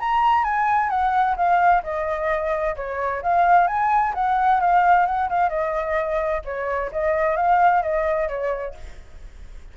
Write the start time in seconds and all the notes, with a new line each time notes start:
0.00 A#5
0.44 G#5
0.90 F#5
1.37 F5
1.84 D#5
2.76 C#5
3.23 F5
3.68 G#5
4.15 F#5
4.61 F5
5.06 F#5
5.30 F5
5.49 D#5
6.45 C#5
6.92 D#5
7.37 F5
7.83 D#5
8.29 C#5